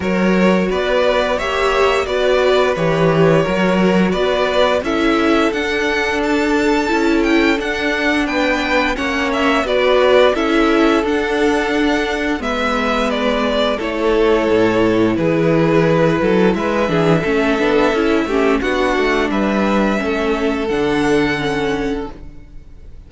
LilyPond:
<<
  \new Staff \with { instrumentName = "violin" } { \time 4/4 \tempo 4 = 87 cis''4 d''4 e''4 d''4 | cis''2 d''4 e''4 | fis''4 a''4. g''8 fis''4 | g''4 fis''8 e''8 d''4 e''4 |
fis''2 e''4 d''4 | cis''2 b'2 | e''2. fis''4 | e''2 fis''2 | }
  \new Staff \with { instrumentName = "violin" } { \time 4/4 ais'4 b'4 cis''4 b'4~ | b'4 ais'4 b'4 a'4~ | a'1 | b'4 cis''4 b'4 a'4~ |
a'2 b'2 | a'2 gis'4. a'8 | b'8 gis'8 a'4. g'8 fis'4 | b'4 a'2. | }
  \new Staff \with { instrumentName = "viola" } { \time 4/4 fis'2 g'4 fis'4 | g'4 fis'2 e'4 | d'2 e'4 d'4~ | d'4 cis'4 fis'4 e'4 |
d'2 b2 | e'1~ | e'8 d'8 cis'8 d'8 e'8 cis'8 d'4~ | d'4 cis'4 d'4 cis'4 | }
  \new Staff \with { instrumentName = "cello" } { \time 4/4 fis4 b4 ais4 b4 | e4 fis4 b4 cis'4 | d'2 cis'4 d'4 | b4 ais4 b4 cis'4 |
d'2 gis2 | a4 a,4 e4. fis8 | gis8 e8 a8 b8 cis'8 a8 b8 a8 | g4 a4 d2 | }
>>